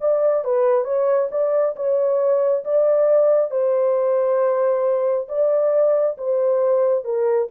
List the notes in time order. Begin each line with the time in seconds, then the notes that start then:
0.00 D5
0.44 B4
0.84 C#5
1.31 D5
1.76 C#5
2.64 D5
3.51 C5
5.28 D5
6.17 C5
7.04 A#4